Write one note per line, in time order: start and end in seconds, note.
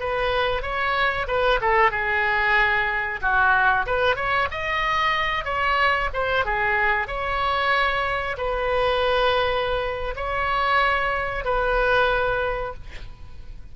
0.00 0.62 B4
0.62 1.27 C#5
1.28 1.60 B4
1.61 1.91 A4
1.91 3.21 G#4
3.21 3.86 F#4
3.87 4.16 B4
4.16 4.48 C#5
4.51 5.45 D#5
5.45 6.10 C#5
6.13 6.45 C5
6.45 7.08 G#4
7.08 8.37 C#5
8.38 10.15 B4
10.16 11.45 C#5
11.45 12.74 B4